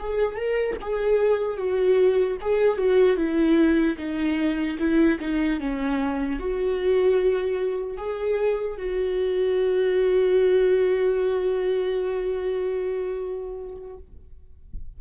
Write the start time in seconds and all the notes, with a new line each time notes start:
0.00 G#4
0.36 A#4
0.81 G#4
1.58 F#4
2.42 G#4
2.78 F#4
3.17 E4
3.98 D#4
4.79 E4
5.21 D#4
5.61 C#4
6.40 F#4
7.98 G#4
8.77 F#4